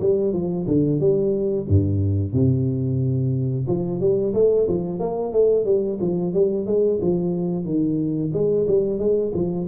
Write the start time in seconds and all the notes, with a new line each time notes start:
0.00 G3
0.33 F3
0.68 D3
1.00 G3
1.69 G2
2.33 C3
3.68 F3
4.01 G3
4.34 A3
4.68 F3
5.00 A#3
5.33 A3
5.65 G3
6.01 F3
6.34 G3
6.67 G#3
7.02 F3
7.65 D#3
8.34 G#3
8.68 G3
8.99 G#3
9.35 F3